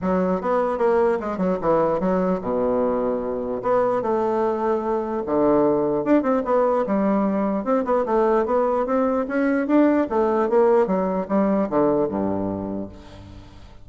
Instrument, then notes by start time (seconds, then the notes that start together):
bassoon
0.01 F#3
0.41 B3
0.78 A#3
1.20 G#3
1.37 F#3
1.61 E3
2.00 F#3
2.41 B2
3.62 B3
4.02 A3
5.26 D3
6.04 D4
6.22 C4
6.44 B3
6.86 G3
7.64 C4
7.84 B3
8.05 A3
8.45 B3
8.86 C4
9.28 C#4
9.67 D4
10.09 A3
10.49 A#3
10.86 F#3
11.28 G3
11.69 D3
12.08 G2